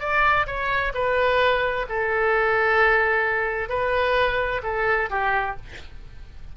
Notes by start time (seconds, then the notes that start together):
0.00 D5
0.47 C#5
0.94 B4
1.89 A4
3.69 B4
4.63 A4
5.10 G4